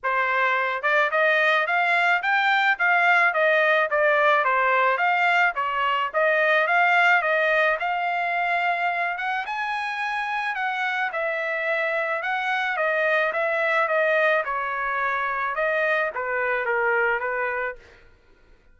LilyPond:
\new Staff \with { instrumentName = "trumpet" } { \time 4/4 \tempo 4 = 108 c''4. d''8 dis''4 f''4 | g''4 f''4 dis''4 d''4 | c''4 f''4 cis''4 dis''4 | f''4 dis''4 f''2~ |
f''8 fis''8 gis''2 fis''4 | e''2 fis''4 dis''4 | e''4 dis''4 cis''2 | dis''4 b'4 ais'4 b'4 | }